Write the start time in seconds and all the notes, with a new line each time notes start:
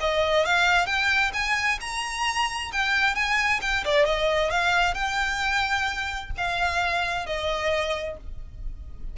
0.00 D#5
0.45 F5
0.86 G5
1.33 G#5
1.81 A#5
2.72 G5
3.15 G#5
3.61 G5
3.84 D5
4.06 D#5
4.51 F5
4.94 G5
6.37 F5
7.26 D#5